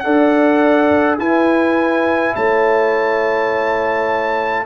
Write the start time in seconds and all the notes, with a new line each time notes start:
0.00 D4 A4 D5 F#5
1.19 E4 B4 G#5
2.36 A3 C#5 A5